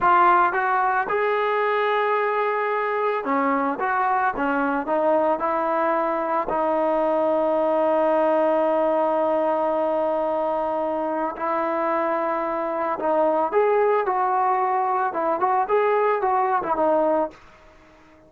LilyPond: \new Staff \with { instrumentName = "trombone" } { \time 4/4 \tempo 4 = 111 f'4 fis'4 gis'2~ | gis'2 cis'4 fis'4 | cis'4 dis'4 e'2 | dis'1~ |
dis'1~ | dis'4 e'2. | dis'4 gis'4 fis'2 | e'8 fis'8 gis'4 fis'8. e'16 dis'4 | }